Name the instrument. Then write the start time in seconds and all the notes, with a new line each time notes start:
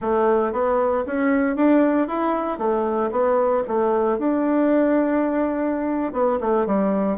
bassoon
0.01 A3
0.52 B3
1.06 C#4
1.56 D4
2.07 E4
2.58 A3
3.11 B3
3.67 A3
4.18 D4
6.12 B3
6.40 A3
6.66 G3